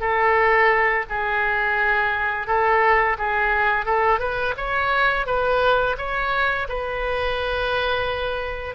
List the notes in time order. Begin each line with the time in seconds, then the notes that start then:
0.00 A4
1.09 G#4
2.47 A4
3.18 G#4
3.85 A4
4.19 B4
4.57 C#5
5.26 B4
5.97 C#5
6.68 B4